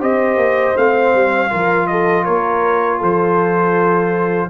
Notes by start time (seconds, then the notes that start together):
0.00 C4 G4 C5 D#5
0.36 A#3
0.77 A3 C4 F5
1.14 G3
1.49 F3 F4 A#4
1.87 A4 D#5
2.24 A#3 A#4 C#5
2.99 F3 A4 C5